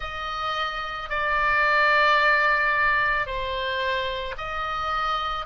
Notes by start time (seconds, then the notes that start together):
0.00 D#5
1.09 D5
3.26 C5
4.37 D#5